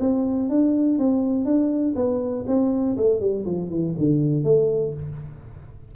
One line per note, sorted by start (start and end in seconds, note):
0.00 0.50 C4
0.50 0.99 D4
0.99 1.45 C4
1.45 1.95 D4
1.96 2.45 B3
2.47 2.97 C4
2.98 3.21 A3
3.21 3.46 G3
3.46 3.70 F3
3.70 3.95 E3
3.98 4.44 D3
4.44 4.94 A3